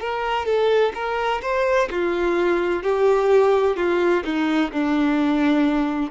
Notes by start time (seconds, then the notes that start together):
0.00 A#4
0.46 A4
0.95 A#4
1.42 C5
1.90 F4
2.83 G4
3.76 F4
4.25 D#4
4.72 D4